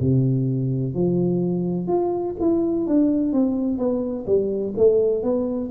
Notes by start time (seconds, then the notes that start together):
0.00 C3
0.94 F3
1.87 F4
2.39 E4
2.86 D4
3.32 C4
3.78 B3
4.26 G3
4.77 A3
5.23 B3